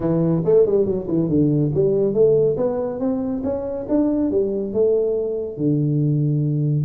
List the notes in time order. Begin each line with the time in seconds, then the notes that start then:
0.00 E3
0.44 A3
0.65 G3
0.85 F#3
1.07 E3
1.28 D3
1.74 G3
2.13 A3
2.57 B3
2.99 C4
3.43 C#4
3.88 D4
4.30 G3
4.73 A3
5.57 D3